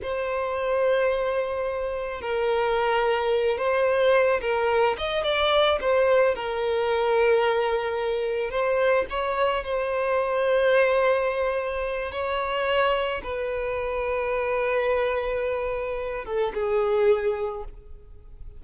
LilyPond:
\new Staff \with { instrumentName = "violin" } { \time 4/4 \tempo 4 = 109 c''1 | ais'2~ ais'8 c''4. | ais'4 dis''8 d''4 c''4 ais'8~ | ais'2.~ ais'8 c''8~ |
c''8 cis''4 c''2~ c''8~ | c''2 cis''2 | b'1~ | b'4. a'8 gis'2 | }